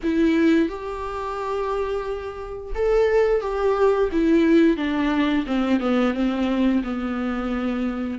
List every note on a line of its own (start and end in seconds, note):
0.03 0.68 E4
0.68 2.73 G4
2.75 3.41 A4
3.41 4.09 G4
4.12 4.77 E4
4.77 5.45 D4
5.46 5.80 C4
5.80 6.14 B3
6.14 6.82 C4
6.83 8.18 B3